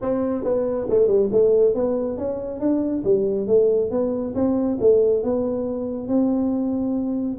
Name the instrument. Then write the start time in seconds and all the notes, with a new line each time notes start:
tuba
0.01 C4
0.44 B3
0.89 A3
1.07 G3
1.32 A3
1.74 B3
2.17 C#4
2.59 D4
3.04 G3
3.47 A3
3.90 B3
4.34 C4
4.80 A3
5.23 B3
6.08 C4